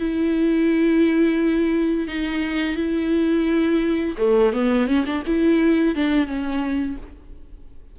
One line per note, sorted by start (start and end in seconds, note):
0.00 2.08 E4
2.08 2.77 D#4
2.77 4.16 E4
4.18 4.53 A3
4.53 4.88 B3
4.88 5.05 C#4
5.06 5.24 D4
5.27 5.96 E4
5.96 6.27 D4
6.27 6.97 C#4